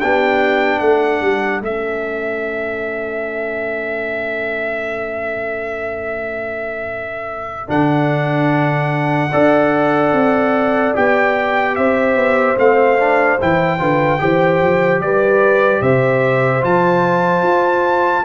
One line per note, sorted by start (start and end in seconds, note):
0.00 0.80 B3
0.00 1.63 D4
0.00 0.79 G4
0.00 0.79 G5
0.79 1.20 A3
0.79 9.31 A4
0.79 1.60 F#5
1.20 1.61 G3
1.61 7.69 A3
1.61 7.68 C#4
1.61 7.70 E5
7.68 9.31 D3
7.68 9.30 D4
7.68 10.94 F#5
9.31 10.12 D4
9.31 10.94 A4
9.31 11.74 D5
10.12 10.93 C4
10.95 11.78 B3
10.95 12.57 G4
10.95 11.75 G5
11.75 12.15 C4
11.75 13.80 C5
11.75 12.56 E5
12.15 12.55 B3
12.57 13.38 A3
12.57 12.98 C4
12.57 13.40 F5
12.98 13.39 D4
13.40 13.80 E3
13.40 13.79 E4
13.40 15.01 G5
13.79 14.20 D3
13.79 14.19 F4
13.79 14.20 B4
14.19 14.61 E3
14.19 16.61 G4
14.19 15.03 C5
14.61 15.00 F3
15.00 15.81 G3
15.00 15.82 B4
15.00 15.82 D5
15.81 16.62 C3
15.81 18.25 C5
15.81 16.63 E5
16.61 17.42 F3
16.61 18.23 F4
16.61 18.25 A5
17.42 18.23 F4